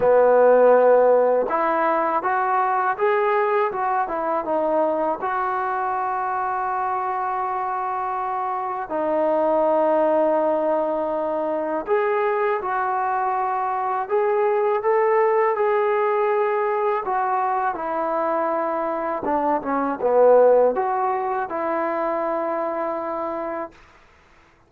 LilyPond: \new Staff \with { instrumentName = "trombone" } { \time 4/4 \tempo 4 = 81 b2 e'4 fis'4 | gis'4 fis'8 e'8 dis'4 fis'4~ | fis'1 | dis'1 |
gis'4 fis'2 gis'4 | a'4 gis'2 fis'4 | e'2 d'8 cis'8 b4 | fis'4 e'2. | }